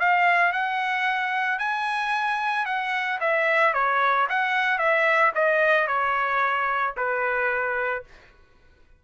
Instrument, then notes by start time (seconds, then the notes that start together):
trumpet
0.00 F5
0.53 F#5
1.59 G#5
2.66 F#5
3.21 E5
3.74 C#5
4.30 F#5
4.79 E5
5.35 D#5
5.88 C#5
6.97 B4